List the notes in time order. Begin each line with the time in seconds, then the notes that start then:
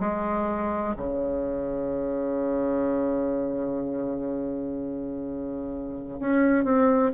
0.00 G#3
0.97 C#3
6.20 C#4
6.65 C4